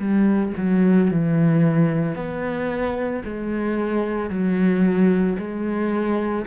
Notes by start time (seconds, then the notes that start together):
0.00 G3
0.57 F#3
1.11 E3
2.16 B3
3.25 G#3
4.31 F#3
5.39 G#3